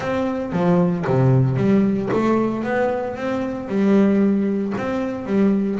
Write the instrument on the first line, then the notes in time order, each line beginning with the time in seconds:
double bass
0.00 C4
0.52 F3
1.07 C3
1.56 G3
2.12 A3
2.63 B3
3.16 C4
3.68 G3
4.77 C4
5.26 G3